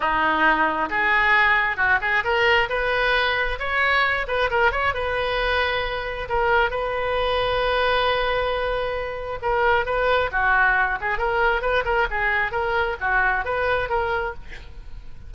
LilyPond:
\new Staff \with { instrumentName = "oboe" } { \time 4/4 \tempo 4 = 134 dis'2 gis'2 | fis'8 gis'8 ais'4 b'2 | cis''4. b'8 ais'8 cis''8 b'4~ | b'2 ais'4 b'4~ |
b'1~ | b'4 ais'4 b'4 fis'4~ | fis'8 gis'8 ais'4 b'8 ais'8 gis'4 | ais'4 fis'4 b'4 ais'4 | }